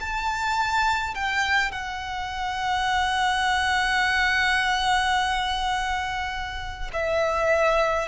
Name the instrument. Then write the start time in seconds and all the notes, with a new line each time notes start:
violin
0.00 A5
1.14 G5
1.71 F#5
6.93 E5